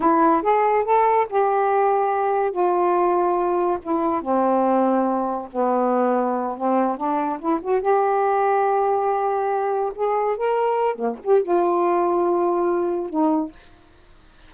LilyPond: \new Staff \with { instrumentName = "saxophone" } { \time 4/4 \tempo 4 = 142 e'4 gis'4 a'4 g'4~ | g'2 f'2~ | f'4 e'4 c'2~ | c'4 b2~ b8 c'8~ |
c'8 d'4 e'8 fis'8 g'4.~ | g'2.~ g'8 gis'8~ | gis'8 ais'4. ais8 g'8 f'4~ | f'2. dis'4 | }